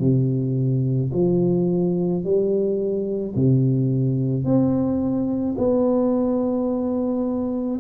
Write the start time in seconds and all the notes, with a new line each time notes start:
0.00 C3
1.13 F3
2.24 G3
3.35 C3
4.44 C4
5.58 B3